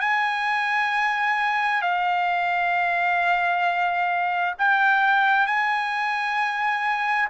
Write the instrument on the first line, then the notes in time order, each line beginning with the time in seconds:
trumpet
0.00 G#5
1.81 F5
4.58 G5
5.46 G#5